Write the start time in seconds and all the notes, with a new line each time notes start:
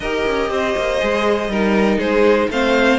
0.00 D#4 G4 A#4 D#5
0.25 C#4
0.50 C4 C5
0.76 A#3
0.99 G#3 G#4
1.48 G3 D#4 A#4
1.98 G#3 G#4 C5
2.48 A3 C4 C5 F5